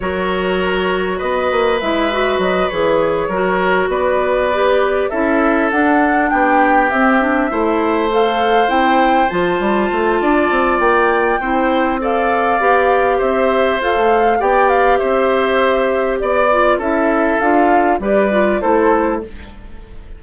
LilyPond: <<
  \new Staff \with { instrumentName = "flute" } { \time 4/4 \tempo 4 = 100 cis''2 dis''4 e''4 | dis''8 cis''2 d''4.~ | d''8 e''4 fis''4 g''4 e''8~ | e''4. f''4 g''4 a''8~ |
a''2 g''2 | f''2 e''4 f''4 | g''8 f''8 e''2 d''4 | e''4 f''4 d''4 c''4 | }
  \new Staff \with { instrumentName = "oboe" } { \time 4/4 ais'2 b'2~ | b'4. ais'4 b'4.~ | b'8 a'2 g'4.~ | g'8 c''2.~ c''8~ |
c''4 d''2 c''4 | d''2 c''2 | d''4 c''2 d''4 | a'2 b'4 a'4 | }
  \new Staff \with { instrumentName = "clarinet" } { \time 4/4 fis'2. e'8 fis'8~ | fis'8 gis'4 fis'2 g'8~ | g'8 e'4 d'2 c'8 | d'8 e'4 a'4 e'4 f'8~ |
f'2. e'4 | a'4 g'2 a'4 | g'2.~ g'8 f'8 | e'4 f'4 g'8 f'8 e'4 | }
  \new Staff \with { instrumentName = "bassoon" } { \time 4/4 fis2 b8 ais8 gis4 | fis8 e4 fis4 b4.~ | b8 cis'4 d'4 b4 c'8~ | c'8 a2 c'4 f8 |
g8 a8 d'8 c'8 ais4 c'4~ | c'4 b4 c'4 f'16 a8. | b4 c'2 b4 | cis'4 d'4 g4 a4 | }
>>